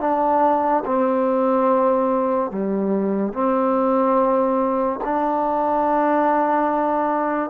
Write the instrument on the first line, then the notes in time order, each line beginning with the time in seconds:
trombone
0.00 D4
0.86 C4
2.51 G3
3.33 C4
5.04 D4